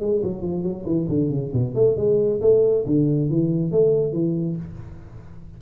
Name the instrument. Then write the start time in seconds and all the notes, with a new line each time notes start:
tuba
0.00 G#3
0.23 F#3
0.42 F3
0.63 F#3
0.85 E3
1.08 D3
1.30 C#3
1.53 B2
1.75 A3
1.96 G#3
2.41 A3
2.86 D3
3.29 E3
3.71 A3
4.12 E3